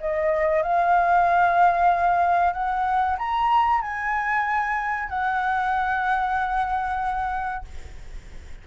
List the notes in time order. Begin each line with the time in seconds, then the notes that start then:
0.00 D#5
0.63 F5
2.53 F#5
3.18 A#5
3.82 G#5
5.09 F#5